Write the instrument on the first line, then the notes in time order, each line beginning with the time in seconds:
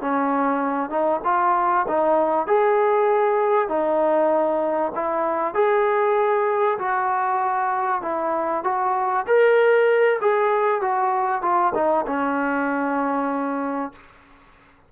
trombone
0.00 C#4
0.89 D#4
1.24 F4
1.87 D#4
2.47 G#4
3.68 D#4
4.95 E4
5.54 G#4
6.78 F#4
8.01 E4
8.63 F#4
9.26 A#4
10.21 G#4
10.81 F#4
11.42 F4
11.74 D#4
12.06 C#4